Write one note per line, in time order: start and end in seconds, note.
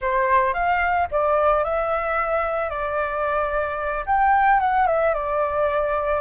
0.01 0.53 C5
0.53 1.07 F5
1.11 1.63 D5
1.63 2.69 E5
2.69 4.04 D5
4.06 4.60 G5
4.60 4.86 F#5
4.86 5.14 E5
5.14 6.20 D5